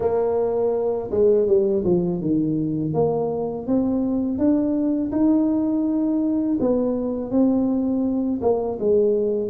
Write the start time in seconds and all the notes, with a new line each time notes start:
0.00 A#3
1.10 G#3
1.47 G3
1.84 F3
2.20 D#3
2.93 A#3
3.66 C4
4.38 D4
5.11 D#4
6.60 B3
7.30 C4
8.41 A#3
8.79 G#3